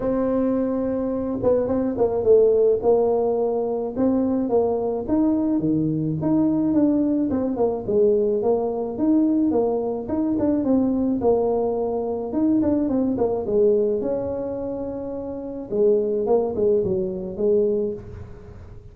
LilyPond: \new Staff \with { instrumentName = "tuba" } { \time 4/4 \tempo 4 = 107 c'2~ c'8 b8 c'8 ais8 | a4 ais2 c'4 | ais4 dis'4 dis4 dis'4 | d'4 c'8 ais8 gis4 ais4 |
dis'4 ais4 dis'8 d'8 c'4 | ais2 dis'8 d'8 c'8 ais8 | gis4 cis'2. | gis4 ais8 gis8 fis4 gis4 | }